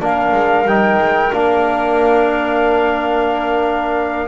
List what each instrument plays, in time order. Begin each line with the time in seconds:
0.00 double bass A#3, trombone D4, clarinet A#4, flute F5
0.32 double bass G#3
0.65 double bass G3, trombone D#4, flute G5
0.98 double bass G#3
1.32 double bass A#3, trombone D4, flute F5